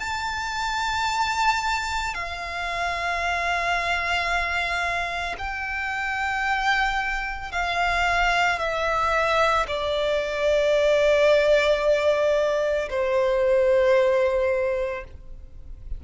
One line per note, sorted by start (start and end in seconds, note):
0.00 2.14 A5
2.14 5.36 F5
5.39 7.52 G5
7.52 8.60 F5
8.60 9.67 E5
9.68 12.89 D5
12.91 15.05 C5